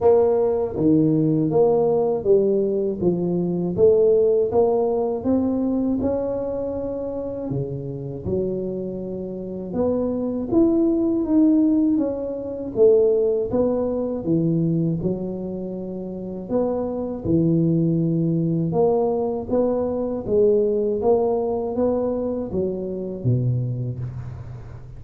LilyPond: \new Staff \with { instrumentName = "tuba" } { \time 4/4 \tempo 4 = 80 ais4 dis4 ais4 g4 | f4 a4 ais4 c'4 | cis'2 cis4 fis4~ | fis4 b4 e'4 dis'4 |
cis'4 a4 b4 e4 | fis2 b4 e4~ | e4 ais4 b4 gis4 | ais4 b4 fis4 b,4 | }